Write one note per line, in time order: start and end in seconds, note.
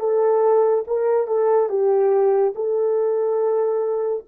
0.00 0.85 A4
0.88 1.28 A#4
1.28 1.69 A4
1.69 2.54 G4
2.55 4.24 A4